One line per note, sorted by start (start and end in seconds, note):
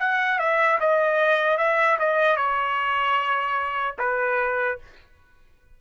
0.00 0.39 F#5
0.39 0.79 E5
0.80 1.58 D#5
1.58 1.98 E5
2.00 2.37 D#5
2.37 3.97 C#5
3.99 4.79 B4